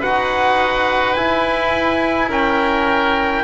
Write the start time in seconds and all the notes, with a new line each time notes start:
0.00 D#4 F#4 B4 F#5
1.13 E4 G#5
2.29 C#4 A#4 G5